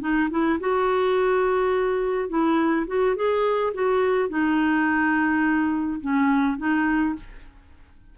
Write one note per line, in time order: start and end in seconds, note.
0.00 0.29 D#4
0.30 0.59 E4
0.60 2.29 F#4
2.29 2.86 E4
2.87 3.16 F#4
3.16 3.73 G#4
3.74 4.29 F#4
4.29 6.00 D#4
6.01 6.58 C#4
6.58 7.15 D#4